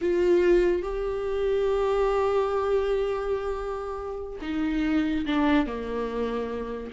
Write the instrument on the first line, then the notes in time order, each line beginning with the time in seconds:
viola
0.01 F4
0.82 G4
4.41 D#4
5.26 D4
5.66 A#3